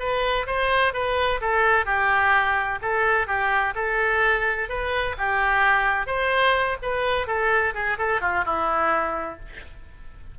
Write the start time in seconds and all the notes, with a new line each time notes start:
0.00 B4
0.47 C5
0.94 B4
1.41 A4
1.86 G4
2.82 A4
3.27 G4
3.76 A4
4.69 B4
5.18 G4
6.07 C5
6.83 B4
7.28 A4
7.75 G#4
7.99 A4
8.22 F4
8.46 E4